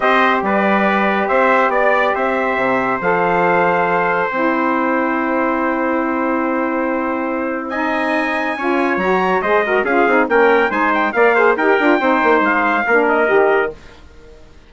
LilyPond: <<
  \new Staff \with { instrumentName = "trumpet" } { \time 4/4 \tempo 4 = 140 dis''4 d''2 e''4 | d''4 e''2 f''4~ | f''2 g''2~ | g''1~ |
g''2 gis''2~ | gis''4 ais''4 dis''4 f''4 | g''4 gis''8 g''8 f''4 g''4~ | g''4 f''4. dis''4. | }
  \new Staff \with { instrumentName = "trumpet" } { \time 4/4 c''4 b'2 c''4 | d''4 c''2.~ | c''1~ | c''1~ |
c''2 dis''2 | cis''2 c''8 ais'8 gis'4 | ais'4 c''4 d''8 c''8 ais'4 | c''2 ais'2 | }
  \new Staff \with { instrumentName = "saxophone" } { \time 4/4 g'1~ | g'2. a'4~ | a'2 e'2~ | e'1~ |
e'2 dis'2 | f'4 fis'4 gis'8 fis'8 f'8 dis'8 | cis'4 dis'4 ais'8 gis'8 g'8 f'8 | dis'2 d'4 g'4 | }
  \new Staff \with { instrumentName = "bassoon" } { \time 4/4 c'4 g2 c'4 | b4 c'4 c4 f4~ | f2 c'2~ | c'1~ |
c'1 | cis'4 fis4 gis4 cis'8 c'8 | ais4 gis4 ais4 dis'8 d'8 | c'8 ais8 gis4 ais4 dis4 | }
>>